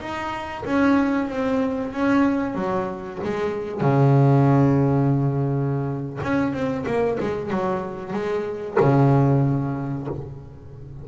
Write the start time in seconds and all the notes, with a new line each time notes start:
0.00 D#4
0.65 C#4
1.29 C4
1.93 C#4
2.55 F#3
3.24 G#3
3.81 C#3
6.23 C#4
6.53 C4
6.86 A#3
7.20 G#3
7.50 F#3
8.13 G#3
8.80 C#3